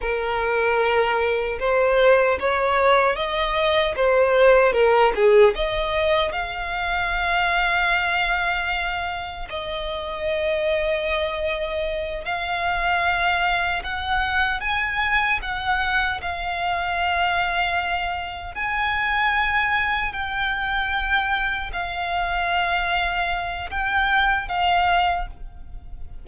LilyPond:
\new Staff \with { instrumentName = "violin" } { \time 4/4 \tempo 4 = 76 ais'2 c''4 cis''4 | dis''4 c''4 ais'8 gis'8 dis''4 | f''1 | dis''2.~ dis''8 f''8~ |
f''4. fis''4 gis''4 fis''8~ | fis''8 f''2. gis''8~ | gis''4. g''2 f''8~ | f''2 g''4 f''4 | }